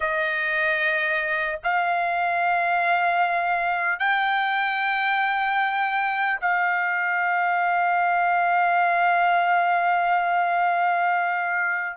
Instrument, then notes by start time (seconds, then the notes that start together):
trumpet
0.00 D#5
1.63 F5
3.99 G5
6.40 F5